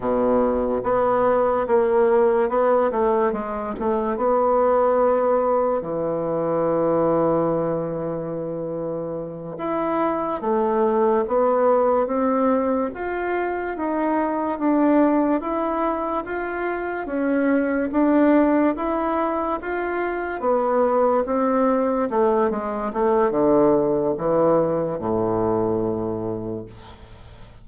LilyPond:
\new Staff \with { instrumentName = "bassoon" } { \time 4/4 \tempo 4 = 72 b,4 b4 ais4 b8 a8 | gis8 a8 b2 e4~ | e2.~ e8 e'8~ | e'8 a4 b4 c'4 f'8~ |
f'8 dis'4 d'4 e'4 f'8~ | f'8 cis'4 d'4 e'4 f'8~ | f'8 b4 c'4 a8 gis8 a8 | d4 e4 a,2 | }